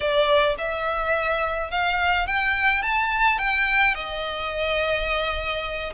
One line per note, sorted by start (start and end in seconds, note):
0.00 0.55 D5
0.57 1.71 E5
1.71 2.26 F5
2.26 2.82 G5
2.82 3.38 A5
3.38 3.95 G5
3.95 5.93 D#5